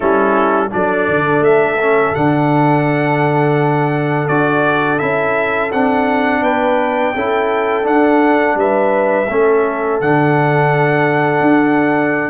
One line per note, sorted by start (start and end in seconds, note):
0.00 0.72 G3
0.00 0.70 C#4
0.00 0.69 E4
0.00 0.71 A4
0.70 1.09 F#3
0.70 1.77 D4
0.70 6.42 A4
0.70 1.43 D5
1.09 1.39 D3
1.39 2.11 A3
1.39 2.14 E5
1.80 2.16 C#4
2.15 4.28 D3
2.15 4.29 D4
2.15 4.28 F#5
4.28 5.00 D4
4.28 4.99 F#4
4.28 4.99 D5
4.99 5.73 C#4
4.99 5.70 E4
4.99 5.70 E5
5.71 6.42 C4
5.71 7.16 D4
5.71 6.43 F#5
6.42 7.14 B3
6.42 7.13 B4
6.42 7.86 G5
7.15 7.86 C#4
7.15 7.82 E4
7.15 8.57 A4
7.82 9.25 D4
7.82 8.54 D4
7.82 8.57 F#5
8.54 9.26 G3
8.54 9.29 B4
8.54 10.01 E5
9.29 10.00 A3
9.29 10.01 C#4
9.29 12.29 A4
10.00 11.40 D3
10.00 12.29 D4
10.00 12.29 F#5
11.40 12.29 D4